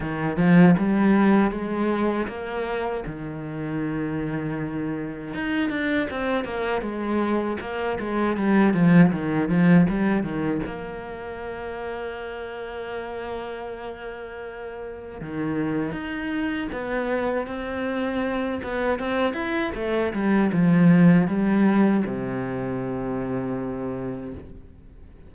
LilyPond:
\new Staff \with { instrumentName = "cello" } { \time 4/4 \tempo 4 = 79 dis8 f8 g4 gis4 ais4 | dis2. dis'8 d'8 | c'8 ais8 gis4 ais8 gis8 g8 f8 | dis8 f8 g8 dis8 ais2~ |
ais1 | dis4 dis'4 b4 c'4~ | c'8 b8 c'8 e'8 a8 g8 f4 | g4 c2. | }